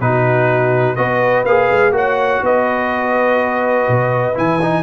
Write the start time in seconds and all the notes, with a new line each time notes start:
0.00 B2 D#4 F#4 B4
0.95 B3 F#4 B4 D#5
1.44 A#3 G#4 F5
1.71 G#3
1.91 A#3 F#4 C#5 F#5
2.42 B3 B4 D#5
3.88 B2
4.34 E3 E4 G#5
4.61 D#4